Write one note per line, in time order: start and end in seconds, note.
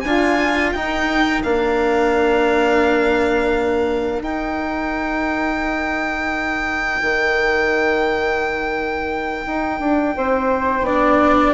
0.00 0.74 D4
0.00 0.70 G#5
0.07 0.75 F4
0.07 0.76 F4
0.72 1.44 D#4
0.72 10.17 A#4
0.72 1.42 G5
1.43 4.22 A#3
1.43 4.23 D4
1.43 4.22 F5
4.22 7.01 D#4
4.22 10.86 D#4
4.22 11.54 G5
7.02 9.46 D#3
9.46 9.80 D#4
9.80 10.15 D4
10.17 10.81 C4
10.17 10.86 C5
10.81 11.51 B3
10.81 11.54 D4
10.81 11.54 D5